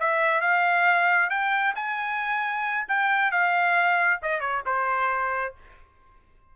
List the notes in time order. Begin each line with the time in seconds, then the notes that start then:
0.00 E5
0.41 F5
1.30 G5
1.76 G#5
2.89 G5
3.32 F5
4.23 D#5
4.41 C#5
4.66 C5